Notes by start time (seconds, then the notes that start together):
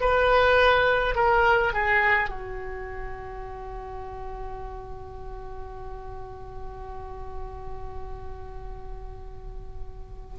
0.00 B4
1.15 A#4
1.73 G#4
2.29 F#4